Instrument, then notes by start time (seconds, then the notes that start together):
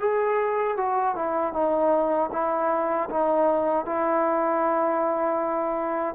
trombone
0.00 G#4
0.77 F#4
1.16 E4
1.53 D#4
2.32 E4
3.10 D#4
3.86 E4